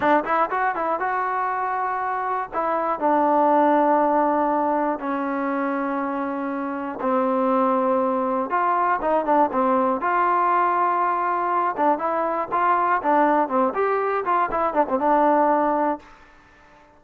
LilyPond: \new Staff \with { instrumentName = "trombone" } { \time 4/4 \tempo 4 = 120 d'8 e'8 fis'8 e'8 fis'2~ | fis'4 e'4 d'2~ | d'2 cis'2~ | cis'2 c'2~ |
c'4 f'4 dis'8 d'8 c'4 | f'2.~ f'8 d'8 | e'4 f'4 d'4 c'8 g'8~ | g'8 f'8 e'8 d'16 c'16 d'2 | }